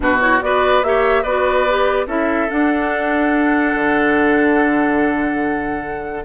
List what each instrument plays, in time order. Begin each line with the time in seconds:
0.00 bassoon B2, clarinet D4, oboe F#4, flute B4
0.20 clarinet E4, flute C#5
0.41 bassoon B3, clarinet F#4, oboe B4, flute D5
0.82 bassoon A#3, clarinet G4, oboe C#5, flute E5
1.22 bassoon B3, clarinet F#4, oboe B4, flute D5
1.69 clarinet G4
2.07 bassoon C#4, clarinet E4, oboe A4, flute E5
2.48 clarinet D4, bassoon D4, flute F#5
3.74 bassoon D3